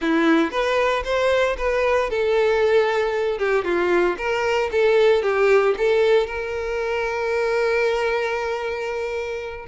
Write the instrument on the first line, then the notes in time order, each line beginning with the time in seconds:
violin
0.01 E4
0.51 B4
1.04 C5
1.57 B4
2.10 A4
3.38 G4
3.64 F4
4.17 A#4
4.71 A4
5.22 G4
5.77 A4
6.26 A#4